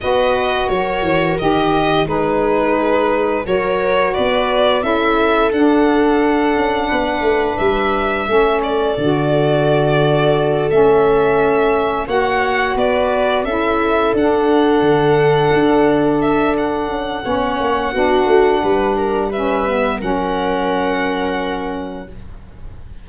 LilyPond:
<<
  \new Staff \with { instrumentName = "violin" } { \time 4/4 \tempo 4 = 87 dis''4 cis''4 dis''4 b'4~ | b'4 cis''4 d''4 e''4 | fis''2. e''4~ | e''8 d''2. e''8~ |
e''4. fis''4 d''4 e''8~ | e''8 fis''2. e''8 | fis''1 | e''4 fis''2. | }
  \new Staff \with { instrumentName = "viola" } { \time 4/4 b'4 ais'2 gis'4~ | gis'4 ais'4 b'4 a'4~ | a'2 b'2 | a'1~ |
a'4. cis''4 b'4 a'8~ | a'1~ | a'4 cis''4 fis'4 b'8 ais'8 | b'4 ais'2. | }
  \new Staff \with { instrumentName = "saxophone" } { \time 4/4 fis'2 g'4 dis'4~ | dis'4 fis'2 e'4 | d'1 | cis'4 fis'2~ fis'8 cis'8~ |
cis'4. fis'2 e'8~ | e'8 d'2.~ d'8~ | d'4 cis'4 d'2 | cis'8 b8 cis'2. | }
  \new Staff \with { instrumentName = "tuba" } { \time 4/4 b4 fis8 e8 dis4 gis4~ | gis4 fis4 b4 cis'4 | d'4. cis'8 b8 a8 g4 | a4 d2~ d8 a8~ |
a4. ais4 b4 cis'8~ | cis'8 d'4 d4 d'4.~ | d'8 cis'8 b8 ais8 b8 a8 g4~ | g4 fis2. | }
>>